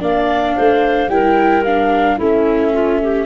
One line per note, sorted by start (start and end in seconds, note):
0.00 0.56 A#3
0.00 1.09 D4
0.00 0.55 D5
0.00 1.09 F5
0.56 1.08 A3
0.56 1.10 C5
1.08 2.17 G3
1.08 1.65 E4
1.08 2.17 A#4
1.08 1.64 G5
1.64 2.20 D4
1.64 2.19 F5
2.17 3.26 A3
2.17 3.26 C#4
2.17 2.72 E4
2.17 3.26 E5
2.73 3.00 F4
3.03 3.26 G4